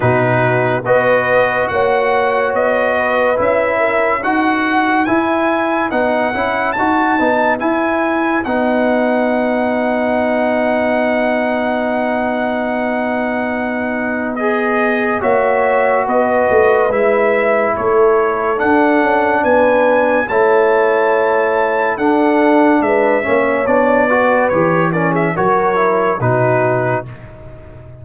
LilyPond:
<<
  \new Staff \with { instrumentName = "trumpet" } { \time 4/4 \tempo 4 = 71 b'4 dis''4 fis''4 dis''4 | e''4 fis''4 gis''4 fis''4 | a''4 gis''4 fis''2~ | fis''1~ |
fis''4 dis''4 e''4 dis''4 | e''4 cis''4 fis''4 gis''4 | a''2 fis''4 e''4 | d''4 cis''8 d''16 e''16 cis''4 b'4 | }
  \new Staff \with { instrumentName = "horn" } { \time 4/4 fis'4 b'4 cis''4. b'8~ | b'8 ais'8 b'2.~ | b'1~ | b'1~ |
b'2 cis''4 b'4~ | b'4 a'2 b'4 | cis''2 a'4 b'8 cis''8~ | cis''8 b'4 ais'16 gis'16 ais'4 fis'4 | }
  \new Staff \with { instrumentName = "trombone" } { \time 4/4 dis'4 fis'2. | e'4 fis'4 e'4 dis'8 e'8 | fis'8 dis'8 e'4 dis'2~ | dis'1~ |
dis'4 gis'4 fis'2 | e'2 d'2 | e'2 d'4. cis'8 | d'8 fis'8 g'8 cis'8 fis'8 e'8 dis'4 | }
  \new Staff \with { instrumentName = "tuba" } { \time 4/4 b,4 b4 ais4 b4 | cis'4 dis'4 e'4 b8 cis'8 | dis'8 b8 e'4 b2~ | b1~ |
b2 ais4 b8 a8 | gis4 a4 d'8 cis'8 b4 | a2 d'4 gis8 ais8 | b4 e4 fis4 b,4 | }
>>